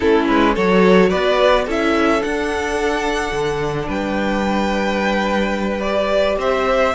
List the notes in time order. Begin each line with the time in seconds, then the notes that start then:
0.00 A3 C#4 E4 A4
0.27 G#3 B4
0.54 F#3 F#4 A4 C#5
1.09 B3 B4 D5
1.65 C#4 E4 A4 E5
2.20 D4 F#5
3.32 D3
3.87 G3 B4 G5
5.81 G4 D5
6.37 C4 C5 E5